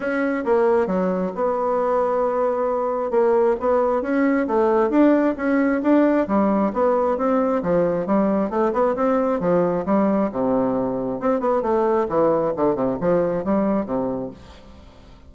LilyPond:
\new Staff \with { instrumentName = "bassoon" } { \time 4/4 \tempo 4 = 134 cis'4 ais4 fis4 b4~ | b2. ais4 | b4 cis'4 a4 d'4 | cis'4 d'4 g4 b4 |
c'4 f4 g4 a8 b8 | c'4 f4 g4 c4~ | c4 c'8 b8 a4 e4 | d8 c8 f4 g4 c4 | }